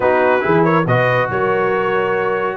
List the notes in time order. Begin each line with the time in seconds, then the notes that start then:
0.00 B3 D#4 F#4 B4
0.40 E3 E4 G#4
0.63 A#4 C#5
0.86 B2 F#4 B4 D#5
1.29 F#3 A#4 C#5